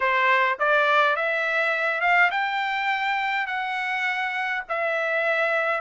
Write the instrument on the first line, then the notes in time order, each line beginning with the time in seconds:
trumpet
0.00 C5
0.59 D5
1.16 E5
2.00 F5
2.30 G5
3.46 F#5
4.68 E5